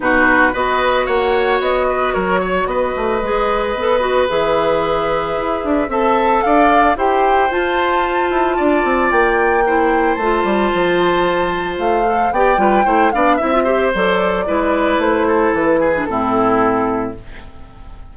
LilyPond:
<<
  \new Staff \with { instrumentName = "flute" } { \time 4/4 \tempo 4 = 112 b'4 dis''4 fis''4 dis''4 | cis''4 dis''2. | e''2. a''4 | f''4 g''4 a''2~ |
a''4 g''2 a''4~ | a''2 f''4 g''4~ | g''8 f''8 e''4 d''2 | c''4 b'4 a'2 | }
  \new Staff \with { instrumentName = "oboe" } { \time 4/4 fis'4 b'4 cis''4. b'8 | ais'8 cis''8 b'2.~ | b'2. e''4 | d''4 c''2. |
d''2 c''2~ | c''2. d''8 b'8 | c''8 d''8 e''8 c''4. b'4~ | b'8 a'4 gis'8 e'2 | }
  \new Staff \with { instrumentName = "clarinet" } { \time 4/4 dis'4 fis'2.~ | fis'2 gis'4 a'8 fis'8 | gis'2. a'4~ | a'4 g'4 f'2~ |
f'2 e'4 f'4~ | f'2~ f'8 a'8 g'8 f'8 | e'8 d'8 e'16 f'16 g'8 a'4 e'4~ | e'4.~ e'16 d'16 c'2 | }
  \new Staff \with { instrumentName = "bassoon" } { \time 4/4 b,4 b4 ais4 b4 | fis4 b8 a8 gis4 b4 | e2 e'8 d'8 c'4 | d'4 e'4 f'4. e'8 |
d'8 c'8 ais2 a8 g8 | f2 a4 b8 g8 | a8 b8 c'4 fis4 gis4 | a4 e4 a,2 | }
>>